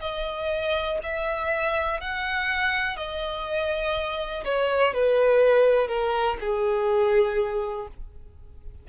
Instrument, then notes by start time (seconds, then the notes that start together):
violin
0.00 D#5
1.03 E5
2.00 F#5
2.96 D#5
4.44 C#5
4.94 B4
5.87 A#4
6.40 G#4